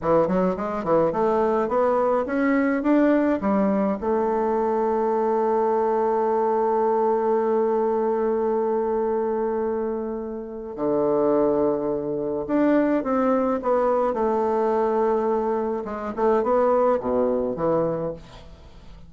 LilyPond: \new Staff \with { instrumentName = "bassoon" } { \time 4/4 \tempo 4 = 106 e8 fis8 gis8 e8 a4 b4 | cis'4 d'4 g4 a4~ | a1~ | a1~ |
a2. d4~ | d2 d'4 c'4 | b4 a2. | gis8 a8 b4 b,4 e4 | }